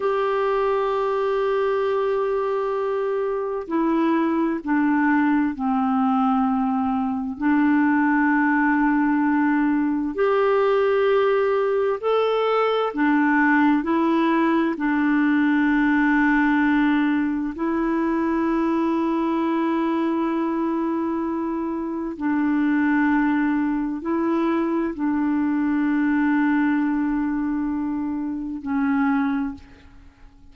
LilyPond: \new Staff \with { instrumentName = "clarinet" } { \time 4/4 \tempo 4 = 65 g'1 | e'4 d'4 c'2 | d'2. g'4~ | g'4 a'4 d'4 e'4 |
d'2. e'4~ | e'1 | d'2 e'4 d'4~ | d'2. cis'4 | }